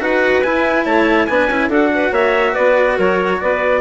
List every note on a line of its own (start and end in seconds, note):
0.00 0.43 D#4
0.00 0.42 F#4
0.00 0.86 B4
0.00 0.42 F#5
0.42 1.28 E4
0.42 0.85 E4
0.42 0.84 G#5
0.85 1.27 A3
0.85 1.28 C#5
0.85 1.26 A5
1.26 1.48 B3
1.26 1.50 D4
1.26 1.68 B4
1.26 1.68 G#5
1.48 1.68 C#4
1.48 1.69 E4
1.68 2.10 D4
1.68 3.80 F#4
1.68 1.89 A4
1.68 2.13 F#5
1.94 2.12 B4
2.11 2.54 A#3
2.11 2.52 C#5
2.11 2.54 E5
2.52 2.98 B3
2.52 2.95 B4
2.52 2.96 D5
2.95 3.40 F#3
2.95 3.37 A#4
2.95 3.40 C#5
3.40 3.80 B3
3.40 3.80 B4
3.40 3.80 D5